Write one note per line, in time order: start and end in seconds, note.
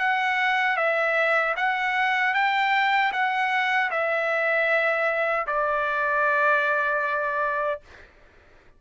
0.00 0.77 F#5
0.77 1.55 E5
1.57 2.34 F#5
2.34 3.12 G5
3.13 3.91 F#5
3.91 5.47 E5
5.47 7.81 D5